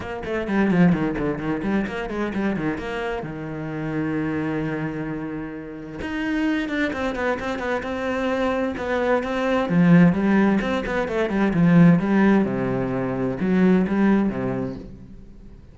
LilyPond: \new Staff \with { instrumentName = "cello" } { \time 4/4 \tempo 4 = 130 ais8 a8 g8 f8 dis8 d8 dis8 g8 | ais8 gis8 g8 dis8 ais4 dis4~ | dis1~ | dis4 dis'4. d'8 c'8 b8 |
c'8 b8 c'2 b4 | c'4 f4 g4 c'8 b8 | a8 g8 f4 g4 c4~ | c4 fis4 g4 c4 | }